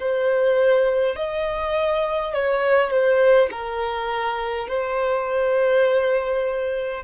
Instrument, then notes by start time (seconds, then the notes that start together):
violin
0.00 C5
1.16 D#5
2.33 C#5
2.90 C5
3.51 A#4
4.68 C5